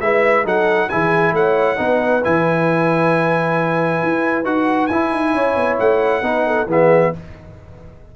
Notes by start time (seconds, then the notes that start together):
0.00 G#3 E4 B4 E5
0.44 F#3 D#4 A4 F#5
0.89 E3 E4 G#4 G#5
1.32 A3 C#5 F#5
1.77 B3 D#4 B4
2.24 E3 E4 G#5
4.03 E4
4.44 D#4 F#4 F#5
4.86 E4 G#5
5.11 D#4
5.33 C#4 C#5
5.56 B3
5.79 A3 F#5
6.22 B3 D#4 B4
6.47 A4
6.66 E3 B3 G#4 E5